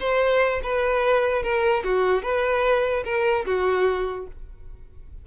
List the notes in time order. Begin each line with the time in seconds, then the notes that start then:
0.00 C5
0.63 B4
1.43 A#4
1.84 F#4
2.22 B4
3.05 A#4
3.46 F#4